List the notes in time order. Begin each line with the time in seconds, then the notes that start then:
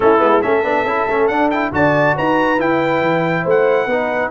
0.00 A3 C#4 E4 A4
0.18 G#3 B3
0.41 A3 C#4 A4 E5
0.63 B3 D4
0.84 C#4 E4
1.06 A3 C#4
1.27 D4 F#5
1.50 E4 G5
1.72 D3 F#4 D5 A5
2.16 D#4 B4 A#5
2.58 E4 G5
3.01 E3
3.43 A3 C5
3.49 F#5
3.86 B3 D#4 B4